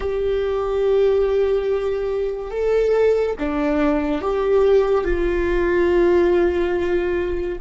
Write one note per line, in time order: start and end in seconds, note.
0.00 2.50 G4
2.50 3.35 A4
3.39 4.21 D4
4.21 5.04 G4
5.04 7.57 F4